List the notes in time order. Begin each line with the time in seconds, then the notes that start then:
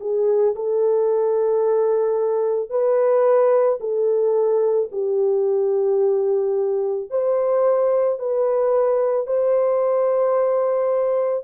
0.00 G#4
0.56 A4
2.70 B4
3.80 A4
4.92 G4
7.11 C5
8.19 B4
9.27 C5